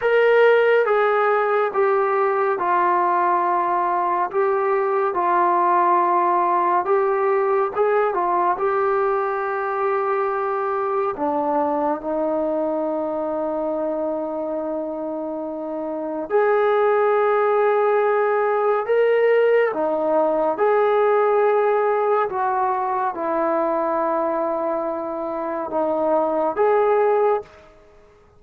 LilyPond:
\new Staff \with { instrumentName = "trombone" } { \time 4/4 \tempo 4 = 70 ais'4 gis'4 g'4 f'4~ | f'4 g'4 f'2 | g'4 gis'8 f'8 g'2~ | g'4 d'4 dis'2~ |
dis'2. gis'4~ | gis'2 ais'4 dis'4 | gis'2 fis'4 e'4~ | e'2 dis'4 gis'4 | }